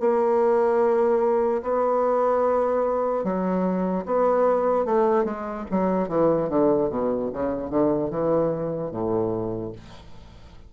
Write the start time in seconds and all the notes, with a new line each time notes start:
0.00 A#3
1.62 B3
3.24 F#3
4.05 B3
4.85 A3
5.24 G#3
5.71 F#3
6.08 E3
6.49 D3
6.89 B2
7.33 C#3
7.70 D3
8.10 E3
8.91 A2